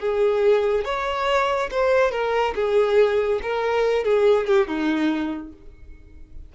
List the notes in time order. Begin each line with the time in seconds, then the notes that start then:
0.00 G#4
0.85 C#5
1.72 C5
2.12 A#4
2.55 G#4
3.43 A#4
4.04 G#4
4.47 G4
4.68 D#4